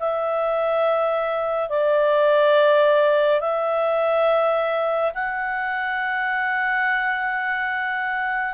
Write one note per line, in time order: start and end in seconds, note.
0.00 1.69 E5
1.69 3.41 D5
3.41 5.12 E5
5.15 8.54 F#5